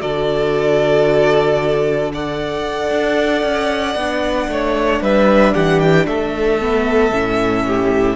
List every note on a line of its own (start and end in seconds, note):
0.00 2.90 D3
0.00 2.11 F#4
0.00 2.12 A4
0.00 2.11 D5
2.13 3.98 A4
2.13 4.50 D5
2.13 5.03 F#5
2.90 3.42 D4
3.42 3.95 C#4
3.95 4.47 B3
3.95 6.60 D4
4.48 5.00 A3
4.48 5.02 C#5
5.01 5.54 G3
5.01 5.54 B4
5.01 5.54 E5
5.54 6.06 E3
5.54 6.06 G4
5.54 5.80 F#5
5.80 6.06 G5
6.06 7.11 A3
6.06 7.66 A4
6.06 8.16 E5
6.60 7.12 B3
7.11 8.16 A2
7.11 8.16 C#4
7.66 8.16 G4